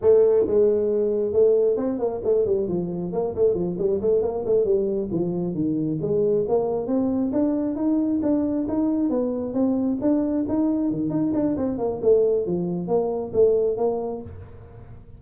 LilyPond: \new Staff \with { instrumentName = "tuba" } { \time 4/4 \tempo 4 = 135 a4 gis2 a4 | c'8 ais8 a8 g8 f4 ais8 a8 | f8 g8 a8 ais8 a8 g4 f8~ | f8 dis4 gis4 ais4 c'8~ |
c'8 d'4 dis'4 d'4 dis'8~ | dis'8 b4 c'4 d'4 dis'8~ | dis'8 dis8 dis'8 d'8 c'8 ais8 a4 | f4 ais4 a4 ais4 | }